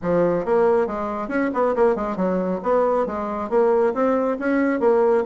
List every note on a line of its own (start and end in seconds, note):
0.02 0.45 F3
0.45 0.86 A#3
0.86 1.28 G#3
1.28 1.50 C#4
1.53 1.75 B3
1.75 1.95 A#3
1.95 2.16 G#3
2.16 2.60 F#3
2.63 3.06 B3
3.06 3.49 G#3
3.49 3.93 A#3
3.93 4.37 C4
4.39 4.80 C#4
4.80 5.24 A#3